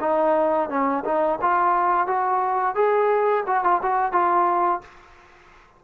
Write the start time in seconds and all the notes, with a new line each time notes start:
0.00 D#4
0.69 C#4
1.04 D#4
1.41 F4
2.07 F#4
2.75 G#4
3.46 F#4
3.63 F4
3.82 F#4
4.12 F4